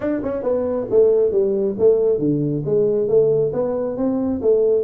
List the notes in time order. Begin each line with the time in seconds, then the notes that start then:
0.00 D4
0.23 C#4
0.43 B3
0.90 A3
1.31 G3
1.78 A3
2.19 D3
2.65 G#3
3.08 A3
3.52 B3
3.96 C4
4.41 A3